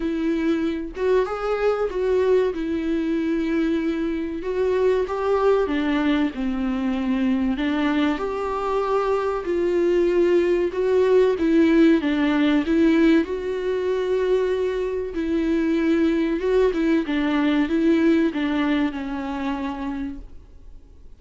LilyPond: \new Staff \with { instrumentName = "viola" } { \time 4/4 \tempo 4 = 95 e'4. fis'8 gis'4 fis'4 | e'2. fis'4 | g'4 d'4 c'2 | d'4 g'2 f'4~ |
f'4 fis'4 e'4 d'4 | e'4 fis'2. | e'2 fis'8 e'8 d'4 | e'4 d'4 cis'2 | }